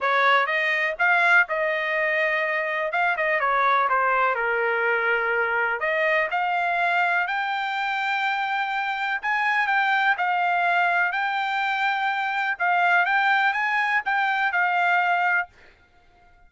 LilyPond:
\new Staff \with { instrumentName = "trumpet" } { \time 4/4 \tempo 4 = 124 cis''4 dis''4 f''4 dis''4~ | dis''2 f''8 dis''8 cis''4 | c''4 ais'2. | dis''4 f''2 g''4~ |
g''2. gis''4 | g''4 f''2 g''4~ | g''2 f''4 g''4 | gis''4 g''4 f''2 | }